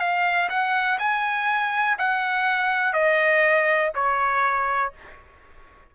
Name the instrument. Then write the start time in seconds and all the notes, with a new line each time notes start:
trumpet
0.00 F5
0.50 F#5
0.99 G#5
1.99 F#5
2.93 D#5
3.95 C#5